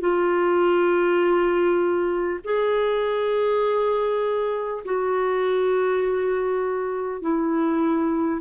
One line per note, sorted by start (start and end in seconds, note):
0.00 2.40 F4
2.44 4.84 G#4
4.85 7.22 F#4
7.22 8.42 E4